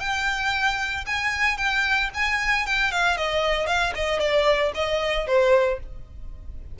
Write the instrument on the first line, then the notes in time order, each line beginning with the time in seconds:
violin
0.00 G5
1.06 G#5
1.57 G5
2.14 G#5
2.66 G5
2.91 F5
3.17 D#5
3.67 F5
3.95 D#5
4.19 D5
4.75 D#5
5.27 C5